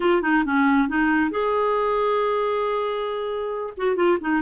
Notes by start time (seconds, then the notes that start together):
0.00 F4
0.22 D#4
0.44 C#4
0.88 D#4
1.31 G#4
3.77 F#4
3.96 F4
4.21 D#4